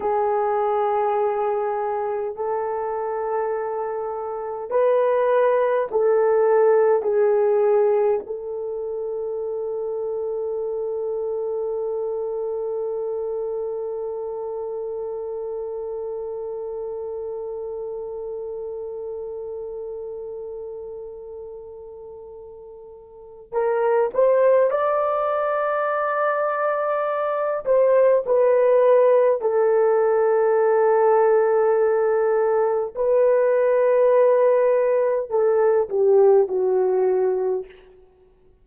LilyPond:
\new Staff \with { instrumentName = "horn" } { \time 4/4 \tempo 4 = 51 gis'2 a'2 | b'4 a'4 gis'4 a'4~ | a'1~ | a'1~ |
a'1 | ais'8 c''8 d''2~ d''8 c''8 | b'4 a'2. | b'2 a'8 g'8 fis'4 | }